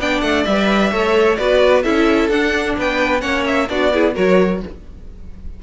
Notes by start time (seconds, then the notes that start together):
0.00 B3 D4 D5 G5
0.21 A3 F#5
0.45 G3 B4 E5
0.92 A3 A4 C#5
1.37 B3 F#4 B4 D5
1.83 C#4 E4 A4 E5
2.30 D4 F#5
2.79 B3 B4 G5
3.20 A#3 C#4 C#5 F#5
3.46 E5
3.69 B3 D4 F#4 D5
3.94 E4 G#4
4.15 F#3 F#4 A#4 C#5